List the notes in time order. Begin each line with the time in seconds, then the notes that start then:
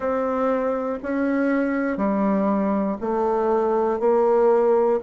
0.00 C4
1.02 C#4
1.97 G3
3.00 A3
3.99 A#3